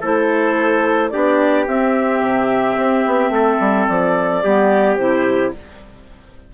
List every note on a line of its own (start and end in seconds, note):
0.00 1.13 A3
0.00 1.11 E4
0.00 1.10 A4
0.00 1.10 C5
1.10 1.67 B3
1.10 1.66 D4
1.10 3.33 G4
1.10 1.65 D5
1.67 2.22 C4
1.67 4.43 C4
1.67 3.88 E5
2.22 2.77 C3
2.77 3.04 C4
3.06 3.29 B3
3.29 3.57 A3
3.29 4.43 A4
3.60 3.87 G3
3.88 4.44 F3
3.88 4.95 D5
4.43 4.97 G3
4.43 4.98 B3
4.43 5.54 G4
4.95 5.52 C3
4.95 5.53 E4
4.95 5.50 C5